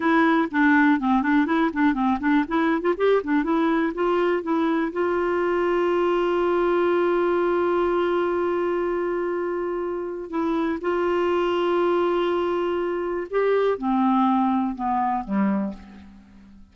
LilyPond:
\new Staff \with { instrumentName = "clarinet" } { \time 4/4 \tempo 4 = 122 e'4 d'4 c'8 d'8 e'8 d'8 | c'8 d'8 e'8. f'16 g'8 d'8 e'4 | f'4 e'4 f'2~ | f'1~ |
f'1~ | f'4 e'4 f'2~ | f'2. g'4 | c'2 b4 g4 | }